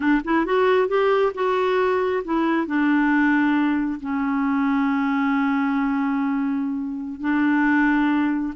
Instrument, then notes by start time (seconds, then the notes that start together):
clarinet
0.00 D4
0.24 E4
0.45 F#4
0.88 G4
1.34 F#4
2.24 E4
2.66 D4
4.00 C#4
7.20 D4